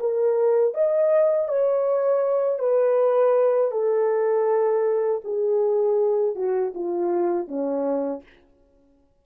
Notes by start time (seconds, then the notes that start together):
0.00 A#4
0.74 D#5
1.48 C#5
2.59 B4
3.71 A4
5.24 G#4
6.35 F#4
6.74 F4
7.48 C#4